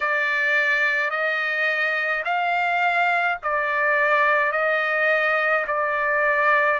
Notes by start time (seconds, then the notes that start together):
0.00 D5
1.10 D#5
2.24 F5
3.42 D5
4.52 D#5
5.67 D5